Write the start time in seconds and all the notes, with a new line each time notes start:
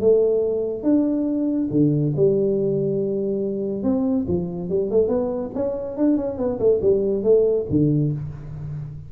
0.00 A3
0.83 D4
1.70 D3
2.16 G3
3.83 C4
4.28 F3
4.70 G3
4.91 A3
5.08 B3
5.55 C#4
5.97 D4
6.17 C#4
6.38 B3
6.59 A3
6.81 G3
7.23 A3
7.70 D3